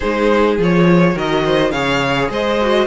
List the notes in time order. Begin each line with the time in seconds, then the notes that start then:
0.00 G#3 D#4 G#4 C5
0.58 F3 F4 C#5
1.14 D#3 F#4 A#4 D#5
1.45 C5
1.71 C#3 G#4 C#5 F5
2.29 G#3 C5 D#5
2.61 F#4